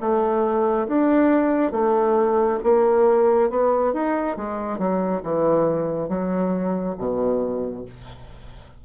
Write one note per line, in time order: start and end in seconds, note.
0.00 0.87 A3
0.87 1.72 D4
1.72 2.58 A3
2.63 3.50 A#3
3.50 3.93 B3
3.93 4.36 D#4
4.36 4.78 G#3
4.78 5.21 F#3
5.23 6.08 E3
6.08 6.95 F#3
6.98 7.85 B2